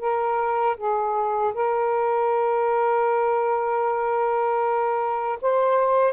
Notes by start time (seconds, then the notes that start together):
0.00 A#4
0.77 G#4
1.55 A#4
5.42 C5